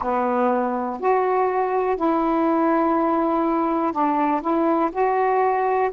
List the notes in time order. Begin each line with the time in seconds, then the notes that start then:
0.01 B3
1.00 F#4
1.96 E4
3.92 D4
4.41 E4
4.92 F#4